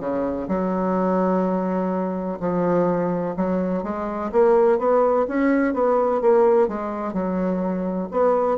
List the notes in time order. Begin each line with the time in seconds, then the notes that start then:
0.00 C#3
0.48 F#3
2.40 F3
3.36 F#3
3.84 G#3
4.32 A#3
4.79 B3
5.29 C#4
5.74 B3
6.22 A#3
6.68 G#3
7.13 F#3
8.11 B3